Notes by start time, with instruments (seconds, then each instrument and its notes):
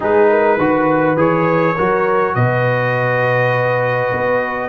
0.00 tuba G#3, trombone D#4, horn G#4, trumpet B4
0.29 horn A#4
0.57 tuba D#3, trombone F#4, horn B4
1.16 tuba E3, trombone G#4, trumpet C#5
1.75 tuba F#3, trombone F#4, horn A#4
2.34 tuba B2, horn B4, trumpet D#5
4.12 tuba B3